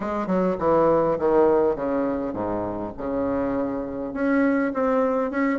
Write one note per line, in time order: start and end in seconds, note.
0.00 0.26 G#3
0.26 0.56 F#3
0.58 1.17 E3
1.18 1.75 D#3
1.75 2.33 C#3
2.33 2.91 G#2
2.97 4.13 C#3
4.13 4.72 C#4
4.73 5.30 C4
5.30 5.59 C#4